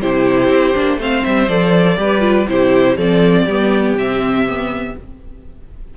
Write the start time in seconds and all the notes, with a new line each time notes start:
0.00 C3 E4 G4 C5
0.49 C4
0.74 A#3 D4
0.97 A3 C4 C5 F5
1.24 G3 E5
1.48 F3 A4 D5
1.97 G3 G4 B4
2.20 F4
2.47 C3 E4 G4 C5
2.96 F3 C4 A4 D5
3.45 G3 B3 G4
3.94 C3 C4 E5
4.47 B3